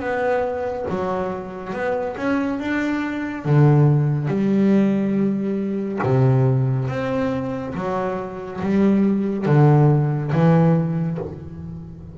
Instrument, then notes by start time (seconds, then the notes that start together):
double bass
0.00 B3
0.90 F#3
1.73 B3
2.17 C#4
2.60 D4
3.46 D3
4.28 G3
6.03 C3
6.88 C4
7.75 F#3
8.61 G3
9.46 D3
10.33 E3